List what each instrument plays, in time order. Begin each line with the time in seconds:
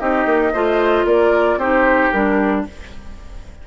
0.00 bassoon C4, clarinet D#4, oboe G4, flute D#5
0.26 bassoon A#3
0.53 bassoon A3, clarinet F4, oboe C5
1.05 bassoon A#3, oboe A#4, flute D5
1.57 bassoon C4, clarinet D#4, oboe G4, flute C5
2.12 bassoon G3, clarinet D4, flute A#4